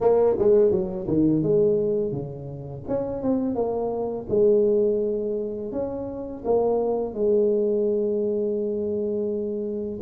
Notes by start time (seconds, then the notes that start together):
0.00 A#3
0.38 G#3
0.71 F#3
1.07 D#3
1.42 G#3
2.12 C#3
2.87 C#4
3.22 C4
3.55 A#3
4.29 G#3
5.71 C#4
6.44 A#3
7.14 G#3